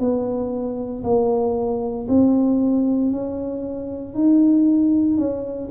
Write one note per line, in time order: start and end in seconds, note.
0.00 1.03 B3
1.04 2.07 A#3
2.09 3.12 C4
3.12 4.15 C#4
4.15 5.18 D#4
5.18 5.69 C#4